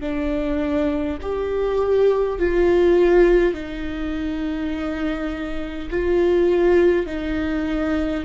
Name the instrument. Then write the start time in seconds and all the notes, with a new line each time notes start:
viola
0.00 D4
1.21 G4
2.39 F4
3.53 D#4
5.90 F4
7.06 D#4